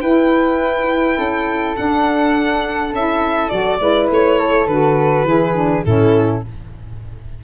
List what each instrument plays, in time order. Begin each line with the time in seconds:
0.00 tuba E4, saxophone E4, flute B4, violin G5
1.17 tuba C#4, flute A4
1.75 saxophone D4, tuba D4, violin F#5
2.92 tuba C#4, saxophone E4, violin E5
3.49 tuba F#3, saxophone F#4, violin D5
3.79 tuba G#3, saxophone E4, flute B4
4.09 tuba A3, violin C#5
4.38 flute A4
4.67 tuba D3, saxophone F#4, violin B4
5.23 tuba E3, saxophone E4, flute G#4
5.54 saxophone D4
5.84 tuba A2, saxophone C#4, flute E4, violin A4